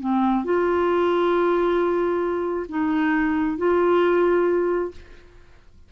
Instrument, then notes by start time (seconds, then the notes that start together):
clarinet
0.00 C4
0.44 F4
2.69 D#4
3.58 F4